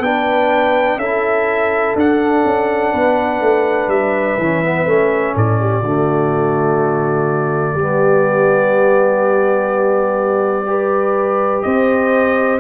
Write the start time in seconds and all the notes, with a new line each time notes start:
0.00 B3 D4 B4 G5
0.97 C#4 E4 A4 E5
1.95 D4 F#5
2.45 C#4
2.93 B3 B4
3.41 A3
3.88 G3 E5
4.38 E3 C#4
4.64 B3
4.86 A3 C#4
5.36 A2 A4 D5
5.60 G4
5.81 D3 A3 F#4
7.74 G3 B3 G4
10.66 G4 B4
11.62 C4 C5 D#5